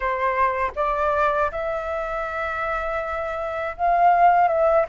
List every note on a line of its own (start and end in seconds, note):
0.00 0.71 C5
0.75 1.50 D5
1.51 3.76 E5
3.77 4.48 F5
4.48 4.85 E5